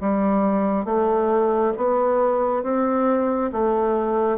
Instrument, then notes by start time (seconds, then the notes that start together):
bassoon
0.00 G3
0.85 A3
1.77 B3
2.63 C4
3.52 A3